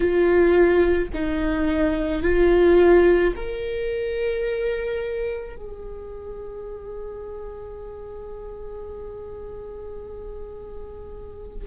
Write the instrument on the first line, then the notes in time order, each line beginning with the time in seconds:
viola
0.00 F4
1.13 D#4
2.22 F4
3.35 A#4
5.56 G#4